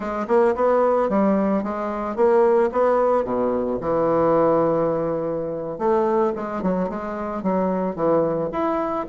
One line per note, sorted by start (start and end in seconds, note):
0.00 0.26 G#3
0.27 0.54 A#3
0.55 1.09 B3
1.09 1.63 G3
1.63 2.15 G#3
2.15 2.70 A#3
2.72 3.24 B3
3.24 3.78 B2
3.81 5.78 E3
5.78 6.32 A3
6.35 6.62 G#3
6.62 6.89 F#3
6.89 7.42 G#3
7.42 7.95 F#3
7.95 8.49 E3
8.52 9.06 E4